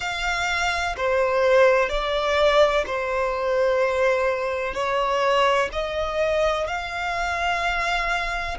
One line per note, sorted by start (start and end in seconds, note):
0.00 0.95 F5
0.96 1.89 C5
1.89 2.84 D5
2.86 4.74 C5
4.74 5.69 C#5
5.72 6.67 D#5
6.67 8.57 F5